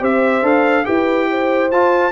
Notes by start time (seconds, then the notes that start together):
0.00 C4 G4 C5 E5
0.43 D4 A4 F5
0.85 E4 G4 B4 G5
1.31 C5
1.72 F4 A5